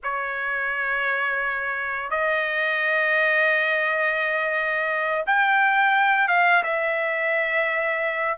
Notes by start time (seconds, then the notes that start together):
0.03 C#5
2.10 D#5
5.26 G5
6.28 F5
6.63 E5